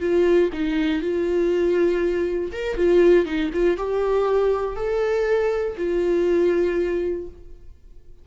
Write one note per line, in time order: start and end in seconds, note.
0.00 0.50 F4
0.53 1.02 D#4
1.02 2.52 F4
2.52 2.77 A#4
2.77 3.26 F4
3.26 3.51 D#4
3.53 3.77 F4
3.77 4.76 G4
4.76 5.76 A4
5.77 7.27 F4